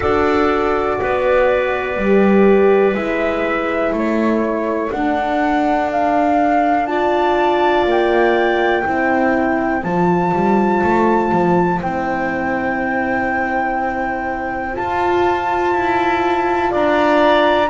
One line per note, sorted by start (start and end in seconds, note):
0.00 1.00 D4
0.00 1.96 F#4
0.00 0.97 A4
0.00 2.94 D5
1.00 1.96 B3
1.00 3.95 B4
1.96 2.94 G3
1.96 2.93 G4
2.93 3.92 G#3
2.93 4.90 E4
2.93 3.93 E5
3.92 4.91 A3
3.92 6.89 A4
3.92 4.91 C#5
4.91 6.87 D4
4.91 7.85 D4
4.91 5.90 F#5
5.91 6.86 F5
6.86 8.83 F4
6.86 8.82 D5
6.86 7.84 A5
7.85 8.83 A#3
7.85 9.82 G5
8.82 9.83 C4
8.82 9.82 E4
8.82 16.69 C5
9.82 10.32 F3
9.82 11.80 F4
9.82 11.79 A5
10.33 10.82 G3
10.83 11.32 A3
11.32 11.81 F3
11.80 14.77 C4
11.80 14.72 E4
11.80 14.75 G5
14.72 17.67 F4
14.72 15.74 F4
14.72 16.72 A5
15.74 16.72 E4
16.70 17.69 D4
16.70 17.68 D5
16.70 17.69 A#5